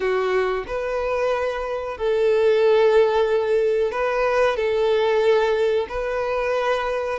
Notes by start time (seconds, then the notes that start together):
0.00 F#4
0.67 B4
1.97 A4
3.91 B4
4.56 A4
5.89 B4